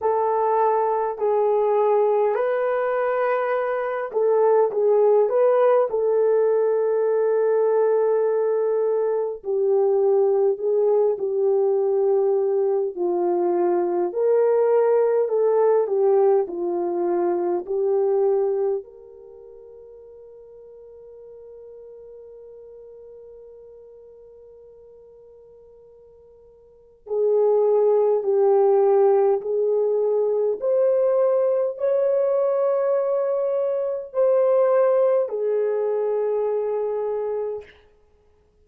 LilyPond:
\new Staff \with { instrumentName = "horn" } { \time 4/4 \tempo 4 = 51 a'4 gis'4 b'4. a'8 | gis'8 b'8 a'2. | g'4 gis'8 g'4. f'4 | ais'4 a'8 g'8 f'4 g'4 |
ais'1~ | ais'2. gis'4 | g'4 gis'4 c''4 cis''4~ | cis''4 c''4 gis'2 | }